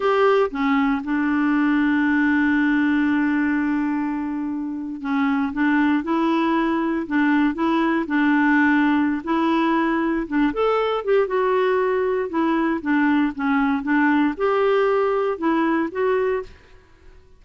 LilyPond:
\new Staff \with { instrumentName = "clarinet" } { \time 4/4 \tempo 4 = 117 g'4 cis'4 d'2~ | d'1~ | d'4.~ d'16 cis'4 d'4 e'16~ | e'4.~ e'16 d'4 e'4 d'16~ |
d'2 e'2 | d'8 a'4 g'8 fis'2 | e'4 d'4 cis'4 d'4 | g'2 e'4 fis'4 | }